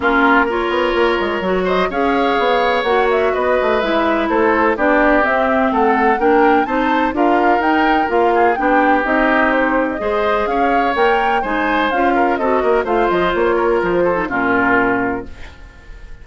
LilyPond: <<
  \new Staff \with { instrumentName = "flute" } { \time 4/4 \tempo 4 = 126 ais'4 cis''2~ cis''8 dis''8 | f''2 fis''8 e''8 dis''4 | e''4 c''4 d''4 e''4 | fis''4 g''4 a''4 f''4 |
g''4 f''4 g''4 dis''4 | c''8. dis''4~ dis''16 f''4 g''4 | gis''4 f''4 dis''4 f''8 dis''8 | cis''4 c''4 ais'2 | }
  \new Staff \with { instrumentName = "oboe" } { \time 4/4 f'4 ais'2~ ais'8 c''8 | cis''2. b'4~ | b'4 a'4 g'2 | a'4 ais'4 c''4 ais'4~ |
ais'4. gis'8 g'2~ | g'4 c''4 cis''2 | c''4. ais'8 a'8 ais'8 c''4~ | c''8 ais'4 a'8 f'2 | }
  \new Staff \with { instrumentName = "clarinet" } { \time 4/4 cis'4 f'2 fis'4 | gis'2 fis'2 | e'2 d'4 c'4~ | c'4 d'4 dis'4 f'4 |
dis'4 f'4 d'4 dis'4~ | dis'4 gis'2 ais'4 | dis'4 f'4 fis'4 f'4~ | f'4.~ f'16 dis'16 cis'2 | }
  \new Staff \with { instrumentName = "bassoon" } { \time 4/4 ais4. b8 ais8 gis8 fis4 | cis'4 b4 ais4 b8 a8 | gis4 a4 b4 c'4 | a4 ais4 c'4 d'4 |
dis'4 ais4 b4 c'4~ | c'4 gis4 cis'4 ais4 | gis4 cis'4 c'8 ais8 a8 f8 | ais4 f4 ais,2 | }
>>